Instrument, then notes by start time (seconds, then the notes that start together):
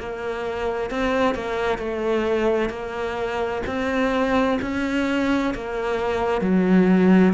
cello
0.00 A#3
0.91 C4
1.35 A#3
1.79 A3
2.70 A#3
3.67 C4
4.62 C#4
5.55 A#3
6.42 F#3